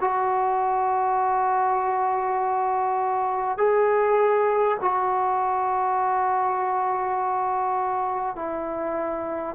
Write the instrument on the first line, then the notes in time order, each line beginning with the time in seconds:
trombone
0.00 F#4
3.58 G#4
4.81 F#4
8.36 E4